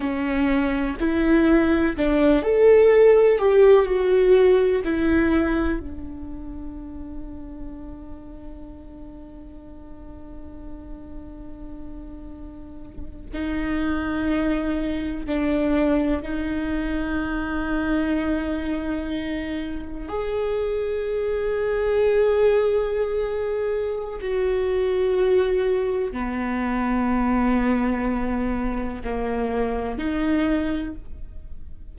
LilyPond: \new Staff \with { instrumentName = "viola" } { \time 4/4 \tempo 4 = 62 cis'4 e'4 d'8 a'4 g'8 | fis'4 e'4 d'2~ | d'1~ | d'4.~ d'16 dis'2 d'16~ |
d'8. dis'2.~ dis'16~ | dis'8. gis'2.~ gis'16~ | gis'4 fis'2 b4~ | b2 ais4 dis'4 | }